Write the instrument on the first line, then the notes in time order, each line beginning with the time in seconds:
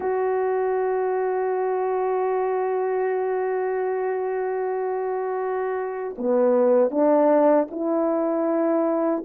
horn
0.00 F#4
6.18 B3
6.90 D4
7.70 E4